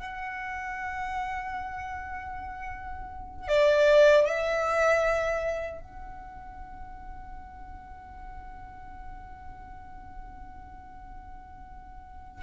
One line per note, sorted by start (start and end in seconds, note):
0.00 3.48 F#5
3.48 4.26 D5
4.26 5.82 E5
5.82 12.43 F#5